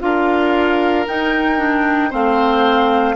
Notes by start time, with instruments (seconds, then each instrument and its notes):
0.00 bassoon D4, clarinet F4, oboe A#4, flute F5
1.07 clarinet D#4, bassoon D#4, flute G5
1.58 clarinet D4
2.10 bassoon A3, clarinet C4, oboe C5, flute F5